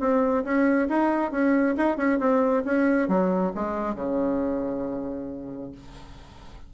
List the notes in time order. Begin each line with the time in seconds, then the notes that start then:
0.00 C4
0.45 C#4
0.89 D#4
1.32 C#4
1.77 D#4
1.97 C#4
2.20 C4
2.65 C#4
3.09 F#3
3.55 G#3
3.95 C#3